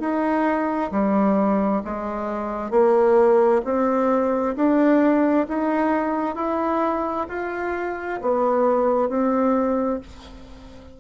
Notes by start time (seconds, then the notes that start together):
0.00 D#4
0.92 G3
1.85 G#3
2.71 A#3
3.65 C4
4.56 D4
5.49 D#4
6.36 E4
7.29 F4
8.21 B3
9.10 C4